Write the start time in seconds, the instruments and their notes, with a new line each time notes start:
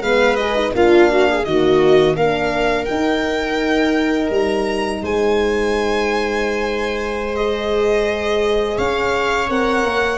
0.00 tuba G#3, horn B3, viola B4, violin F5
0.35 horn G#4, violin D#5
0.54 horn D#4
0.74 tuba A#3, horn D4, viola F4, violin F5
1.10 viola F#4
1.29 viola G#4
1.44 tuba D#3, horn A#3, viola F#4, violin D#5
2.15 tuba A#3, horn D4, viola A#4, violin F5
2.85 horn D#4, tuba D#4, violin G5
4.29 tuba G3, violin A#5
5.02 tuba G#3, viola C5, violin G#5
7.35 horn G#4, violin D#5
8.77 tuba C#4, viola C#5, violin F5
9.48 tuba C4, horn A#4, violin F#5
9.83 tuba A#3